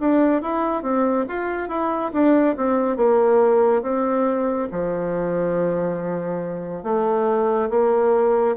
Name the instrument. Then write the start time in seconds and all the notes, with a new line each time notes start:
bassoon
0.00 D4
0.42 E4
0.82 C4
1.28 F4
1.69 E4
2.13 D4
2.57 C4
2.96 A#3
3.82 C4
4.71 F3
6.83 A3
7.70 A#3